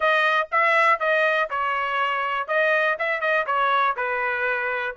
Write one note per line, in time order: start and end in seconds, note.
0.00 0.48 D#5
0.51 0.99 E5
0.99 1.49 D#5
1.50 2.47 C#5
2.47 2.97 D#5
2.98 3.20 E5
3.20 3.45 D#5
3.46 3.95 C#5
3.96 4.95 B4